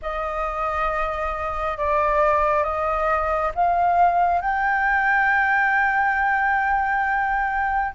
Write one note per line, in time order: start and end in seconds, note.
0.02 1.77 D#5
1.77 2.63 D5
2.63 3.51 D#5
3.54 4.41 F5
4.41 7.94 G5